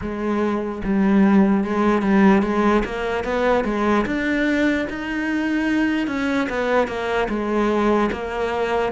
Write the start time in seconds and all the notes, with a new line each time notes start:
0.01 G#3
0.84 G3
1.64 G#3
2.02 G3
2.42 G#3
2.85 A#3
3.24 B3
3.64 G#3
4.05 D4
4.89 D#4
6.07 C#4
6.49 B3
6.87 A#3
7.29 G#3
8.12 A#3